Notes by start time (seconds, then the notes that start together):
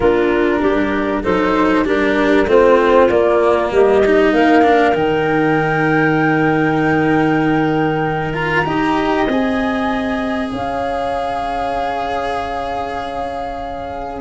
0.00 A#3 D4 F4 A#4
0.61 G3 G4
1.23 F#3 D#4 A4 C5
1.83 G3 D4 G4 A#4
2.46 A3 C4 F4 C5
3.08 A#3 D5
3.71 G3 G4 D#5
4.05 D#4
4.32 A#3 A#4 F5
4.62 D4
4.93 D#3 D#4 G5
8.33 F4 A#5
8.65 D#4 G4 D#5
9.27 C4 G#4 G#5
10.49 C#4 C#5 F5